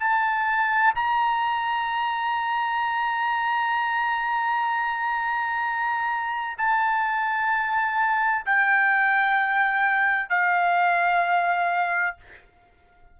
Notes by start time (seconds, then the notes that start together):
0.00 A5
0.95 A#5
6.58 A5
8.46 G5
10.30 F5